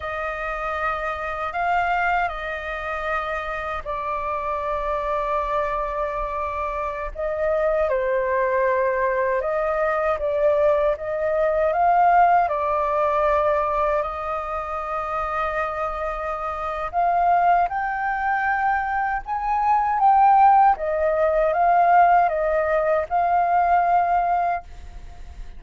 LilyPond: \new Staff \with { instrumentName = "flute" } { \time 4/4 \tempo 4 = 78 dis''2 f''4 dis''4~ | dis''4 d''2.~ | d''4~ d''16 dis''4 c''4.~ c''16~ | c''16 dis''4 d''4 dis''4 f''8.~ |
f''16 d''2 dis''4.~ dis''16~ | dis''2 f''4 g''4~ | g''4 gis''4 g''4 dis''4 | f''4 dis''4 f''2 | }